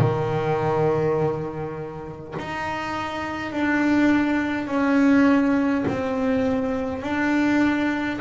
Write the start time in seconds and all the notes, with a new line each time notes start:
0.00 D#3
2.39 D#4
3.53 D4
4.67 C#4
5.88 C4
7.02 D4